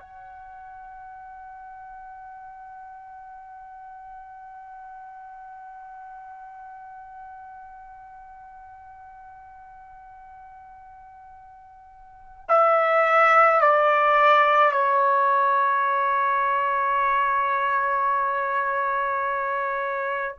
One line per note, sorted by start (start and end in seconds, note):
0.00 12.45 F#5
12.49 13.62 E5
13.62 14.72 D5
14.72 20.38 C#5